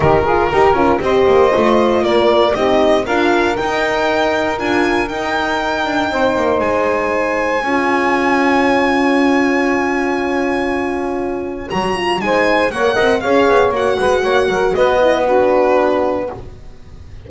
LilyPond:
<<
  \new Staff \with { instrumentName = "violin" } { \time 4/4 \tempo 4 = 118 ais'2 dis''2 | d''4 dis''4 f''4 g''4~ | g''4 gis''4 g''2~ | g''4 gis''2.~ |
gis''1~ | gis''2. ais''4 | gis''4 fis''4 f''4 fis''4~ | fis''4 dis''4 b'2 | }
  \new Staff \with { instrumentName = "saxophone" } { \time 4/4 g'8 gis'8 ais'4 c''2 | ais'4 g'4 ais'2~ | ais'1 | c''2. cis''4~ |
cis''1~ | cis''1 | c''4 cis''8 dis''8 cis''4. b'8 | cis''8 ais'8 b'4 fis'2 | }
  \new Staff \with { instrumentName = "horn" } { \time 4/4 dis'8 f'8 g'8 f'8 g'4 f'4~ | f'4 dis'4 f'4 dis'4~ | dis'4 f'4 dis'2~ | dis'2. f'4~ |
f'1~ | f'2. fis'8 f'8 | dis'4 ais'4 gis'4 fis'4~ | fis'4. e'8 d'2 | }
  \new Staff \with { instrumentName = "double bass" } { \time 4/4 dis4 dis'8 cis'8 c'8 ais8 a4 | ais4 c'4 d'4 dis'4~ | dis'4 d'4 dis'4. d'8 | c'8 ais8 gis2 cis'4~ |
cis'1~ | cis'2. fis4 | gis4 ais8 c'8 cis'8 b8 ais8 gis8 | ais8 fis8 b2. | }
>>